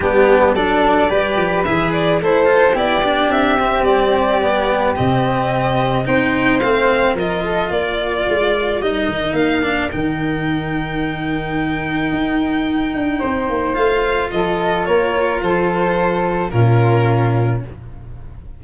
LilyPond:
<<
  \new Staff \with { instrumentName = "violin" } { \time 4/4 \tempo 4 = 109 g'4 d''2 e''8 d''8 | c''4 d''4 e''4 d''4~ | d''4 dis''2 g''4 | f''4 dis''4 d''2 |
dis''4 f''4 g''2~ | g''1~ | g''4 f''4 dis''4 cis''4 | c''2 ais'2 | }
  \new Staff \with { instrumentName = "flute" } { \time 4/4 d'4 a'4 b'2 | a'4 g'2.~ | g'2. c''4~ | c''4 ais'8 a'8 ais'2~ |
ais'1~ | ais'1 | c''2 a'4 ais'4 | a'2 f'2 | }
  \new Staff \with { instrumentName = "cello" } { \time 4/4 b4 d'4 g'4 gis'4 | e'8 f'8 e'8 d'4 c'4. | b4 c'2 dis'4 | c'4 f'2. |
dis'4. d'8 dis'2~ | dis'1~ | dis'4 f'2.~ | f'2 cis'2 | }
  \new Staff \with { instrumentName = "tuba" } { \time 4/4 g4 fis4 g8 f8 e4 | a4 b4 c'4 g4~ | g4 c2 c'4 | a4 f4 ais4 gis4 |
g8 dis8 ais4 dis2~ | dis2 dis'4. d'8 | c'8 ais8 a4 f4 ais4 | f2 ais,2 | }
>>